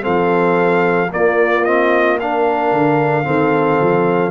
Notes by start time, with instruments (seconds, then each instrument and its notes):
0.00 tuba F3, trombone C4, horn A4, trumpet F5
1.10 trombone A#3, tuba A#3, horn F4, trumpet D5
1.64 trombone C4, trumpet D#5
2.19 trombone D4, horn A#4, trumpet F5
2.71 tuba D3
3.23 tuba D#3, trombone C4, horn A4
3.80 tuba F3